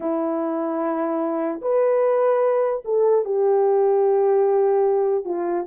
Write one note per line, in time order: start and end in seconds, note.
0.00 1.60 E4
1.61 2.83 B4
2.84 3.24 A4
3.24 5.24 G4
5.24 5.65 F4